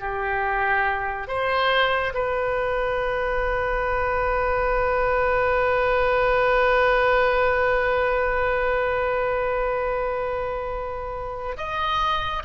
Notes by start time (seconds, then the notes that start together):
0.00 G4
1.28 C5
2.14 B4
11.57 D#5